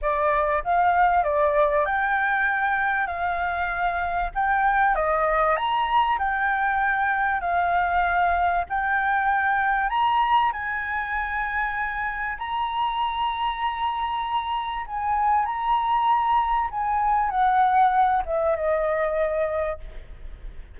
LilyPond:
\new Staff \with { instrumentName = "flute" } { \time 4/4 \tempo 4 = 97 d''4 f''4 d''4 g''4~ | g''4 f''2 g''4 | dis''4 ais''4 g''2 | f''2 g''2 |
ais''4 gis''2. | ais''1 | gis''4 ais''2 gis''4 | fis''4. e''8 dis''2 | }